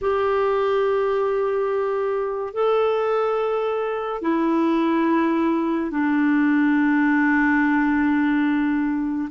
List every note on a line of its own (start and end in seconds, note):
0.01 2.54 G4
2.54 4.21 A4
4.21 5.90 E4
5.90 9.28 D4